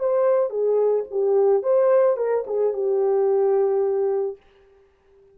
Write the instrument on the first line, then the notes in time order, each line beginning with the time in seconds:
horn
0.00 C5
0.51 G#4
1.12 G4
1.63 C5
2.17 A#4
2.47 G#4
2.74 G4